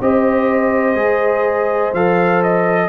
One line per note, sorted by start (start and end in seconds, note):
0.00 0.95 C4
0.00 0.96 G4
0.00 2.89 C5
0.00 1.94 D#5
0.95 1.92 G#3
0.95 1.92 G#4
1.93 2.89 F3
1.93 2.89 A4
1.93 2.43 F5
2.43 2.89 D#5